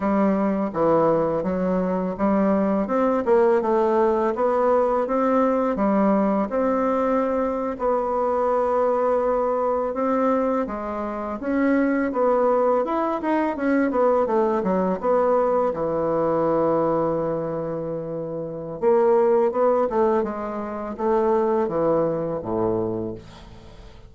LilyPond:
\new Staff \with { instrumentName = "bassoon" } { \time 4/4 \tempo 4 = 83 g4 e4 fis4 g4 | c'8 ais8 a4 b4 c'4 | g4 c'4.~ c'16 b4~ b16~ | b4.~ b16 c'4 gis4 cis'16~ |
cis'8. b4 e'8 dis'8 cis'8 b8 a16~ | a16 fis8 b4 e2~ e16~ | e2 ais4 b8 a8 | gis4 a4 e4 a,4 | }